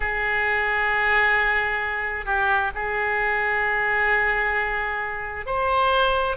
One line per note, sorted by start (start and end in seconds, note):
0.00 2.25 G#4
2.25 2.71 G4
2.74 5.45 G#4
5.45 6.36 C5